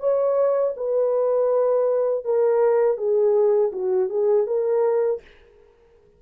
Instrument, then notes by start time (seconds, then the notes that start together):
horn
0.00 C#5
0.77 B4
2.25 A#4
2.98 G#4
3.73 F#4
4.10 G#4
4.47 A#4